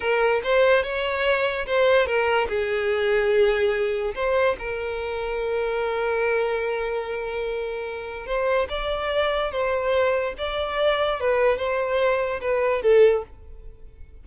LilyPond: \new Staff \with { instrumentName = "violin" } { \time 4/4 \tempo 4 = 145 ais'4 c''4 cis''2 | c''4 ais'4 gis'2~ | gis'2 c''4 ais'4~ | ais'1~ |
ais'1 | c''4 d''2 c''4~ | c''4 d''2 b'4 | c''2 b'4 a'4 | }